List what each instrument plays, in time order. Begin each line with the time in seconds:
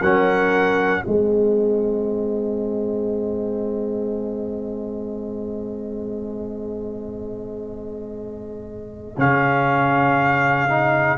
0.00 tuba F#3, trombone C#4, horn A#4, trumpet F#5
1.01 tuba G#3, trombone C4, horn G#4, trumpet D#5
9.17 tuba C#3, trombone C#4, trumpet F5
10.68 trombone D#4